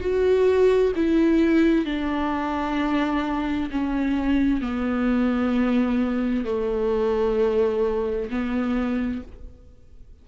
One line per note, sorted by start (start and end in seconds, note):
0.00 0.92 F#4
0.96 1.85 E4
1.85 3.70 D4
3.70 4.61 C#4
4.61 6.44 B3
6.44 8.29 A3
8.30 9.22 B3